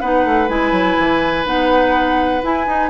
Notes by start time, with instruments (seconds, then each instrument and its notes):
0.00 bassoon B3, clarinet D#4, oboe B4, flute F#5
0.25 bassoon A3
0.48 bassoon G#3, clarinet E4, flute G#5
0.72 bassoon F#3
0.99 bassoon E3
1.45 bassoon B3, clarinet D#4, flute F#5
2.43 clarinet E4, bassoon E4, flute G#5
2.66 bassoon D#4, clarinet D#4